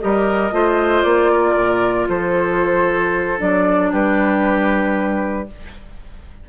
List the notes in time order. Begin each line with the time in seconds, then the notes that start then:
0.00 G3 G4 A#4 D#5
0.52 A3 F4 C5
1.02 A#3 D5
1.32 A#4
1.57 A#2
2.08 F3 A4 C5
3.38 F#3 D4 D5
3.92 G3 G4 B4